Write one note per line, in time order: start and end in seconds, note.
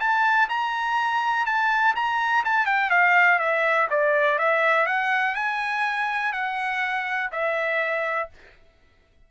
0.00 0.49 A5
0.49 1.46 A#5
1.46 1.95 A5
1.95 2.44 A#5
2.45 2.66 A5
2.66 2.90 G5
2.90 3.39 F5
3.39 3.88 E5
3.90 4.39 D5
4.39 4.86 E5
4.86 5.35 F#5
5.35 6.33 G#5
6.33 7.30 F#5
7.32 8.29 E5